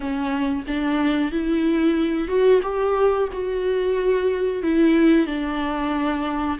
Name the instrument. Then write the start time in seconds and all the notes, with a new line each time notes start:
viola
0.00 C#4
0.67 D4
1.31 E4
2.27 F#4
2.62 G4
3.32 F#4
4.62 E4
5.26 D4